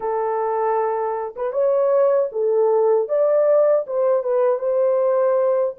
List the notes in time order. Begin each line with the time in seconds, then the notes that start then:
0.00 A4
1.35 B4
1.52 C#5
2.31 A4
3.08 D5
3.86 C5
4.23 B4
4.58 C5